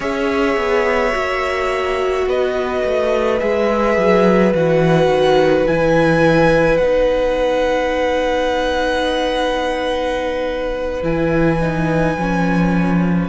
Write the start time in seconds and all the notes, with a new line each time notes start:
0.00 C#4 G#4 C#5 E5
0.56 B3
1.11 A#3 F#4
2.26 B3 B4 D#5
2.84 A3
3.39 G#3 G#4 E5
3.97 F#3
4.54 E3 F#4 F#5
5.07 D#3
5.67 E3 E4 G#5
6.77 B3 D#4 F#5
11.02 E3 E4 G#5
11.60 D#4
12.17 F3 C#4